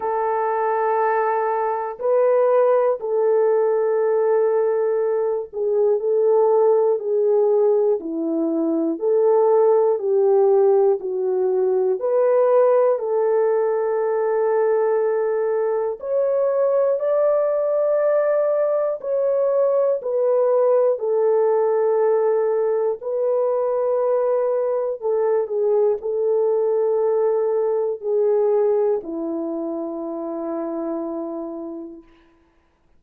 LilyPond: \new Staff \with { instrumentName = "horn" } { \time 4/4 \tempo 4 = 60 a'2 b'4 a'4~ | a'4. gis'8 a'4 gis'4 | e'4 a'4 g'4 fis'4 | b'4 a'2. |
cis''4 d''2 cis''4 | b'4 a'2 b'4~ | b'4 a'8 gis'8 a'2 | gis'4 e'2. | }